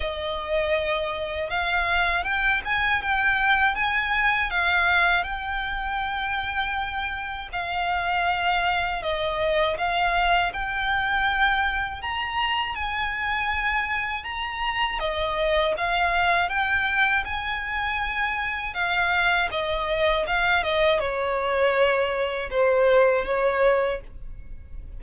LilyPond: \new Staff \with { instrumentName = "violin" } { \time 4/4 \tempo 4 = 80 dis''2 f''4 g''8 gis''8 | g''4 gis''4 f''4 g''4~ | g''2 f''2 | dis''4 f''4 g''2 |
ais''4 gis''2 ais''4 | dis''4 f''4 g''4 gis''4~ | gis''4 f''4 dis''4 f''8 dis''8 | cis''2 c''4 cis''4 | }